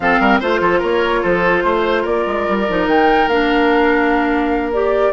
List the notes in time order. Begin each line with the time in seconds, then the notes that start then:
0.00 F3 C4 A4 F5
0.19 G3 A#4
0.40 A3 F4 C5
0.60 F3 A4
0.79 A#3 A#4 C#5
1.22 F3 A4 C5
1.63 A3 C5
2.02 A#3 A#4 D5
2.27 G#3
2.48 G3
2.68 F3 D#4
2.86 D#3 G5
3.27 A#3 D4 F5
4.72 G4 D5